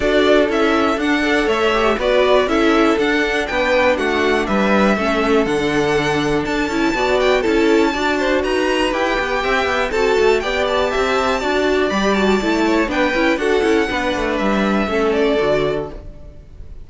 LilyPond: <<
  \new Staff \with { instrumentName = "violin" } { \time 4/4 \tempo 4 = 121 d''4 e''4 fis''4 e''4 | d''4 e''4 fis''4 g''4 | fis''4 e''2 fis''4~ | fis''4 a''4. g''8 a''4~ |
a''4 ais''4 g''2 | a''4 g''8 a''2~ a''8 | b''8 a''4. g''4 fis''4~ | fis''4 e''4. d''4. | }
  \new Staff \with { instrumentName = "violin" } { \time 4/4 a'2~ a'8 d''8 cis''4 | b'4 a'2 b'4 | fis'4 b'4 a'2~ | a'2 d''4 a'4 |
d''8 c''8 b'2 e''4 | a'4 d''4 e''4 d''4~ | d''4. cis''8 b'4 a'4 | b'2 a'2 | }
  \new Staff \with { instrumentName = "viola" } { \time 4/4 fis'4 e'4 d'8 a'4 g'8 | fis'4 e'4 d'2~ | d'2 cis'4 d'4~ | d'4. e'8 fis'4 e'4 |
fis'2 g'2 | fis'4 g'2 fis'4 | g'8 fis'8 e'4 d'8 e'8 fis'8 e'8 | d'2 cis'4 fis'4 | }
  \new Staff \with { instrumentName = "cello" } { \time 4/4 d'4 cis'4 d'4 a4 | b4 cis'4 d'4 b4 | a4 g4 a4 d4~ | d4 d'8 cis'8 b4 cis'4 |
d'4 dis'4 e'8 b8 c'8 b8 | c'8 a8 b4 c'4 d'4 | g4 a4 b8 cis'8 d'8 cis'8 | b8 a8 g4 a4 d4 | }
>>